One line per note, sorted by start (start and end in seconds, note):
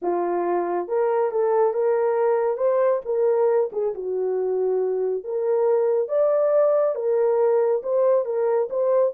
0.02 0.88 F4
0.88 1.31 A#4
1.31 1.73 A4
1.73 2.57 A#4
2.57 3.00 C5
3.05 3.70 A#4
3.72 3.94 G#4
3.94 5.24 F#4
5.24 6.08 A#4
6.08 6.95 D5
6.95 7.82 A#4
7.82 8.25 C5
8.25 8.68 A#4
8.70 9.13 C5